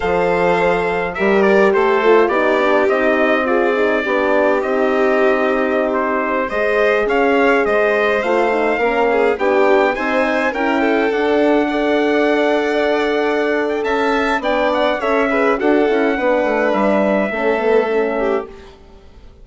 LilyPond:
<<
  \new Staff \with { instrumentName = "trumpet" } { \time 4/4 \tempo 4 = 104 f''2 e''8 d''8 c''4 | d''4 dis''4 d''2 | dis''2~ dis''16 c''4 dis''8.~ | dis''16 f''4 dis''4 f''4.~ f''16~ |
f''16 g''4 gis''4 g''4 fis''8.~ | fis''2.~ fis''8. g''16 | a''4 g''8 fis''8 e''4 fis''4~ | fis''4 e''2. | }
  \new Staff \with { instrumentName = "violin" } { \time 4/4 c''2 ais'4 a'4 | g'2 gis'4 g'4~ | g'2.~ g'16 c''8.~ | c''16 cis''4 c''2 ais'8 gis'16~ |
gis'16 g'4 c''4 ais'8 a'4~ a'16~ | a'16 d''2.~ d''8. | e''4 d''4 cis''8 b'8 a'4 | b'2 a'4. g'8 | }
  \new Staff \with { instrumentName = "horn" } { \time 4/4 a'2 g'4. f'8 | dis'8 d'8 dis'4 f'8 dis'8 d'4 | dis'2.~ dis'16 gis'8.~ | gis'2~ gis'16 f'8 dis'8 cis'8.~ |
cis'16 d'4 dis'4 e'4 d'8.~ | d'16 a'2.~ a'8.~ | a'4 d'4 a'8 gis'8 fis'8 e'8 | d'2 cis'8 b8 cis'4 | }
  \new Staff \with { instrumentName = "bassoon" } { \time 4/4 f2 g4 a4 | b4 c'2 b4 | c'2.~ c'16 gis8.~ | gis16 cis'4 gis4 a4 ais8.~ |
ais16 b4 c'4 cis'4 d'8.~ | d'1 | cis'4 b4 cis'4 d'8 cis'8 | b8 a8 g4 a2 | }
>>